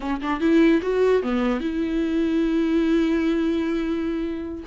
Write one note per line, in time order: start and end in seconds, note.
0.00 0.20 C#4
0.21 0.40 D4
0.40 0.80 E4
0.82 1.22 F#4
1.22 1.60 B3
1.60 4.64 E4